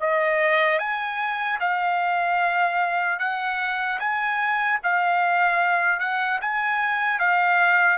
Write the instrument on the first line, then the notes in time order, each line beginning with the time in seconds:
trumpet
0.00 D#5
0.79 G#5
1.60 F5
3.19 F#5
4.00 G#5
4.83 F5
6.00 F#5
6.41 G#5
7.19 F5